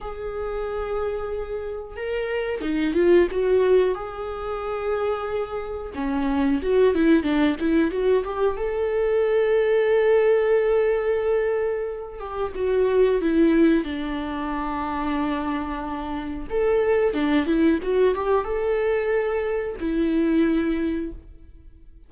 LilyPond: \new Staff \with { instrumentName = "viola" } { \time 4/4 \tempo 4 = 91 gis'2. ais'4 | dis'8 f'8 fis'4 gis'2~ | gis'4 cis'4 fis'8 e'8 d'8 e'8 | fis'8 g'8 a'2.~ |
a'2~ a'8 g'8 fis'4 | e'4 d'2.~ | d'4 a'4 d'8 e'8 fis'8 g'8 | a'2 e'2 | }